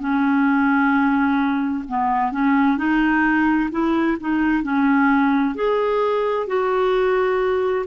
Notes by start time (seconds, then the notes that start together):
0.00 C#4
1.89 B3
2.32 C#4
2.78 D#4
3.72 E4
4.21 D#4
4.64 C#4
5.56 G#4
6.47 F#4